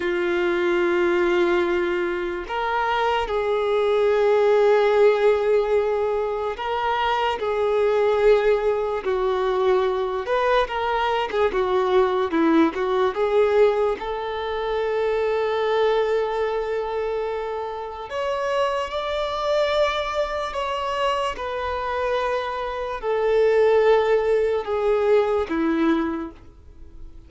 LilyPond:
\new Staff \with { instrumentName = "violin" } { \time 4/4 \tempo 4 = 73 f'2. ais'4 | gis'1 | ais'4 gis'2 fis'4~ | fis'8 b'8 ais'8. gis'16 fis'4 e'8 fis'8 |
gis'4 a'2.~ | a'2 cis''4 d''4~ | d''4 cis''4 b'2 | a'2 gis'4 e'4 | }